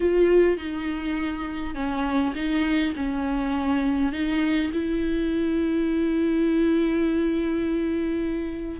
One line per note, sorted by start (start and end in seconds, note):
0.00 0.57 F4
0.57 1.74 D#4
1.74 2.33 C#4
2.35 2.94 D#4
2.96 4.12 C#4
4.12 4.71 D#4
4.73 8.80 E4